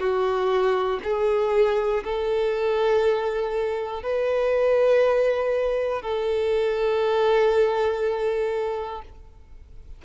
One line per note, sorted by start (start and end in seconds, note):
0.00 1.00 F#4
1.04 2.04 G#4
2.04 4.03 A4
4.03 6.03 B4
6.03 9.03 A4